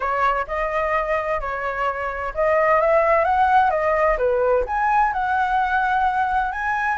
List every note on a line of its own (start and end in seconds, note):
0.00 0.45 C#5
0.47 1.40 D#5
1.40 2.33 C#5
2.34 2.80 D#5
2.80 3.24 E5
3.24 3.70 F#5
3.70 4.17 D#5
4.17 4.64 B4
4.66 5.12 G#5
5.12 6.52 F#5
6.52 6.98 G#5